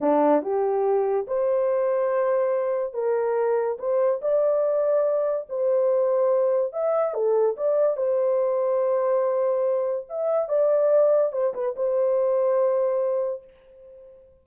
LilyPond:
\new Staff \with { instrumentName = "horn" } { \time 4/4 \tempo 4 = 143 d'4 g'2 c''4~ | c''2. ais'4~ | ais'4 c''4 d''2~ | d''4 c''2. |
e''4 a'4 d''4 c''4~ | c''1 | e''4 d''2 c''8 b'8 | c''1 | }